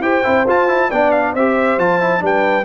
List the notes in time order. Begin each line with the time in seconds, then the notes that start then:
0.00 E4 G4 C5 G5
0.24 C4 E4
0.47 F4 A5
0.68 E4
0.90 B3 D4 D5 G5
1.12 F5
1.34 C4 G4 C5 E5
1.78 F3 F4 A5
2.01 E4
2.20 G3 D4 B4
2.26 G5